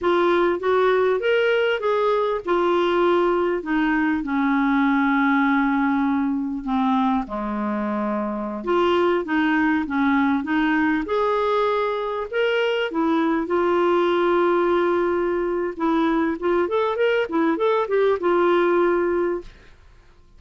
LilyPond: \new Staff \with { instrumentName = "clarinet" } { \time 4/4 \tempo 4 = 99 f'4 fis'4 ais'4 gis'4 | f'2 dis'4 cis'4~ | cis'2. c'4 | gis2~ gis16 f'4 dis'8.~ |
dis'16 cis'4 dis'4 gis'4.~ gis'16~ | gis'16 ais'4 e'4 f'4.~ f'16~ | f'2 e'4 f'8 a'8 | ais'8 e'8 a'8 g'8 f'2 | }